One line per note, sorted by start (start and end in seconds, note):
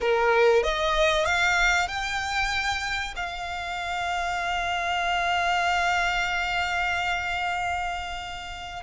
0.00 0.63 A#4
0.63 1.25 D#5
1.25 1.88 F5
1.88 3.14 G5
3.16 8.82 F5